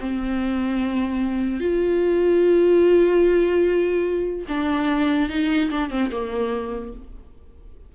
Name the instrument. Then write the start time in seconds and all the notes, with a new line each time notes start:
viola
0.00 C4
1.60 F4
4.48 D4
5.29 D#4
5.70 D4
5.90 C4
6.11 A#3